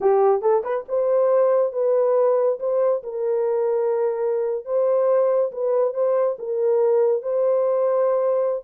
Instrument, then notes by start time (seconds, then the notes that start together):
horn
0.01 G4
0.41 A4
0.63 B4
0.88 C5
1.72 B4
2.59 C5
3.03 A#4
4.65 C5
5.52 B4
5.94 C5
6.39 A#4
7.22 C5